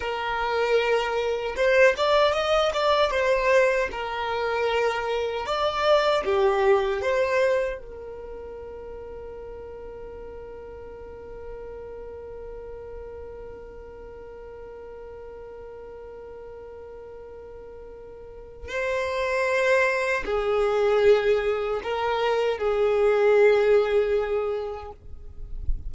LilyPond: \new Staff \with { instrumentName = "violin" } { \time 4/4 \tempo 4 = 77 ais'2 c''8 d''8 dis''8 d''8 | c''4 ais'2 d''4 | g'4 c''4 ais'2~ | ais'1~ |
ais'1~ | ais'1 | c''2 gis'2 | ais'4 gis'2. | }